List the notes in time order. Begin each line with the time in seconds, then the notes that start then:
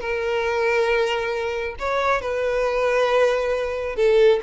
0.00 A#4
1.79 C#5
2.21 B4
3.96 A4